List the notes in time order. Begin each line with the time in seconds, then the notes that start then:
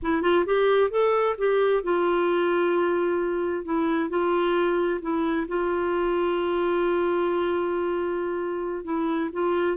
0.02 E4
0.22 F4
0.45 G4
0.90 A4
1.37 G4
1.83 F4
3.64 E4
4.09 F4
5.01 E4
5.48 F4
8.84 E4
9.32 F4